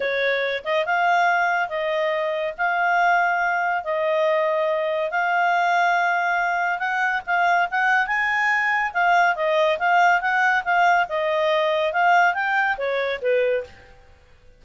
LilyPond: \new Staff \with { instrumentName = "clarinet" } { \time 4/4 \tempo 4 = 141 cis''4. dis''8 f''2 | dis''2 f''2~ | f''4 dis''2. | f''1 |
fis''4 f''4 fis''4 gis''4~ | gis''4 f''4 dis''4 f''4 | fis''4 f''4 dis''2 | f''4 g''4 cis''4 b'4 | }